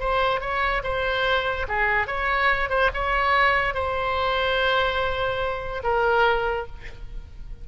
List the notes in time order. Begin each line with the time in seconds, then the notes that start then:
0.00 C5
0.41 C#5
0.84 C5
1.69 G#4
2.07 C#5
2.70 C5
2.94 C#5
3.75 C5
5.84 A#4